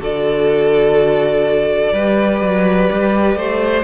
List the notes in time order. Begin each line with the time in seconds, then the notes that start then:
0.00 D3 F#4 A4 D5
1.93 G3 G4 B4
2.41 F#3
2.92 G3
3.36 A3 C5